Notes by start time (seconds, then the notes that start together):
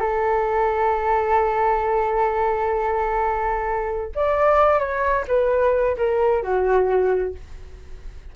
0.00 A4
4.15 D5
4.79 C#5
5.28 B4
5.97 A#4
6.43 F#4